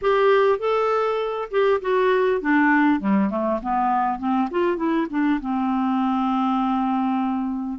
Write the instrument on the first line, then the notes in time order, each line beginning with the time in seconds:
clarinet
0.01 G4
0.58 A4
1.50 G4
1.81 F#4
2.41 D4
3.00 G3
3.30 A3
3.62 B3
4.18 C4
4.50 F4
4.76 E4
5.09 D4
5.40 C4